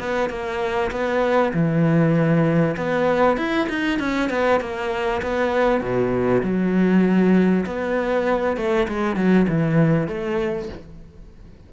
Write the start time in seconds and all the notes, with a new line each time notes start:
0.00 B3
0.30 A#3
0.91 B3
1.54 E3
2.77 B3
3.37 E4
3.69 D#4
4.00 C#4
4.30 B3
4.61 A#3
5.22 B3
5.81 B2
6.43 F#3
7.66 B3
8.57 A3
8.88 G#3
9.16 F#3
9.48 E3
10.08 A3